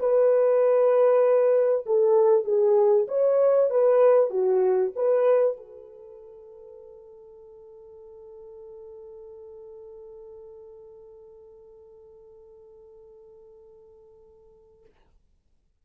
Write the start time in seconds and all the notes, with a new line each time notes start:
0.00 B4
1.86 A4
2.45 G#4
3.08 C#5
3.71 B4
4.31 F#4
4.96 B4
5.58 A4